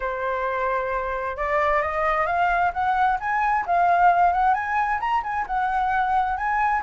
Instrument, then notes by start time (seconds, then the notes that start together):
flute
0.00 C5
1.37 D5
1.82 D#5
2.26 F5
2.73 F#5
3.19 G#5
3.66 F5
4.32 F#5
4.54 G#5
5.00 A#5
5.23 G#5
5.46 F#5
6.37 G#5